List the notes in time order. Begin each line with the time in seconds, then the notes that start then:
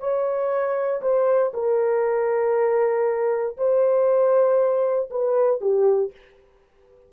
0.00 C#5
1.02 C5
1.54 A#4
3.58 C5
5.11 B4
5.61 G4